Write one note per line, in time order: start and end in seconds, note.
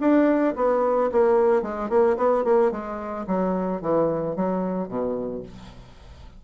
0.00 0.55 D4
0.56 1.10 B3
1.12 1.62 A#3
1.62 1.89 G#3
1.89 2.16 A#3
2.17 2.44 B3
2.44 2.71 A#3
2.71 3.26 G#3
3.27 3.81 F#3
3.81 4.36 E3
4.36 4.88 F#3
4.88 5.42 B2